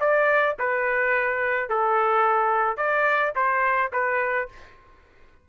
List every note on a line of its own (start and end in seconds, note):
0.00 0.56 D5
0.59 1.69 B4
1.69 2.77 A4
2.77 3.33 D5
3.35 3.92 C5
3.93 4.49 B4